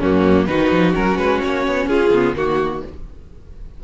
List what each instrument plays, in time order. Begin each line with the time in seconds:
0.00 cello F#2, viola A#3, violin C#4 F#4
0.46 cello D#3, viola D#4, violin F#4 B4
0.72 cello F3
0.94 cello F#3, viola C#4, violin A#4
1.17 cello G#3, violin B4
1.44 cello A#3, violin C#5
1.68 cello B3
1.87 cello C#4, violin F4 G#4
2.11 cello C#3, viola B3
2.36 cello D#3, viola A#3, violin F#4